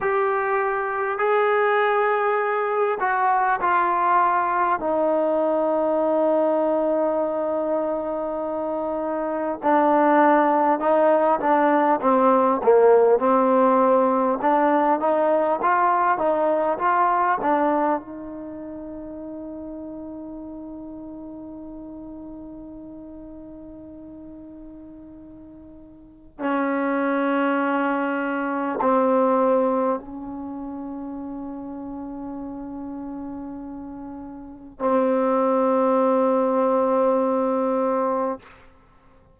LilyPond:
\new Staff \with { instrumentName = "trombone" } { \time 4/4 \tempo 4 = 50 g'4 gis'4. fis'8 f'4 | dis'1 | d'4 dis'8 d'8 c'8 ais8 c'4 | d'8 dis'8 f'8 dis'8 f'8 d'8 dis'4~ |
dis'1~ | dis'2 cis'2 | c'4 cis'2.~ | cis'4 c'2. | }